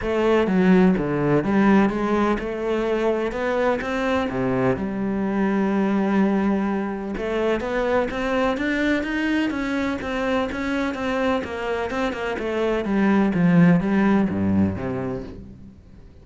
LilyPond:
\new Staff \with { instrumentName = "cello" } { \time 4/4 \tempo 4 = 126 a4 fis4 d4 g4 | gis4 a2 b4 | c'4 c4 g2~ | g2. a4 |
b4 c'4 d'4 dis'4 | cis'4 c'4 cis'4 c'4 | ais4 c'8 ais8 a4 g4 | f4 g4 g,4 c4 | }